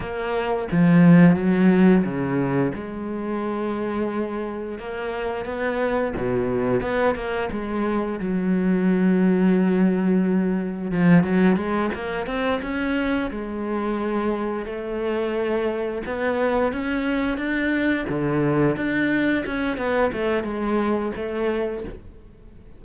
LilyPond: \new Staff \with { instrumentName = "cello" } { \time 4/4 \tempo 4 = 88 ais4 f4 fis4 cis4 | gis2. ais4 | b4 b,4 b8 ais8 gis4 | fis1 |
f8 fis8 gis8 ais8 c'8 cis'4 gis8~ | gis4. a2 b8~ | b8 cis'4 d'4 d4 d'8~ | d'8 cis'8 b8 a8 gis4 a4 | }